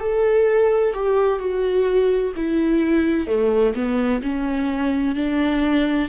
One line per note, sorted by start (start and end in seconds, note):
0.00 0.93 A4
0.93 1.39 G4
1.39 2.33 F#4
2.36 3.27 E4
3.27 3.74 A3
3.75 4.21 B3
4.22 5.15 C#4
5.15 6.09 D4